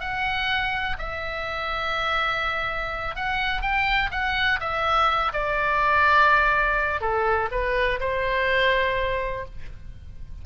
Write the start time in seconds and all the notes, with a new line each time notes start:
0.00 F#5
0.98 E5
3.15 F#5
3.61 G5
4.11 F#5
4.60 E5
5.33 D5
7.01 A4
7.51 B4
8.00 C5